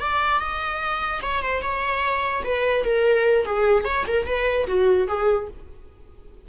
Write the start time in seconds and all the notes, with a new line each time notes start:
0.00 D5
0.39 D#5
1.22 C#5
1.42 C5
1.62 C#5
2.44 B4
2.85 A#4
3.45 G#4
3.84 C#5
4.07 A#4
4.26 B4
4.67 F#4
5.07 G#4